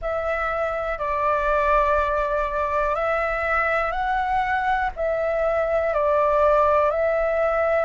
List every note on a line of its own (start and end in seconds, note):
0.01 0.98 E5
0.98 2.95 D5
2.95 3.91 E5
3.91 4.90 F#5
4.95 5.93 E5
5.93 6.90 D5
6.90 7.85 E5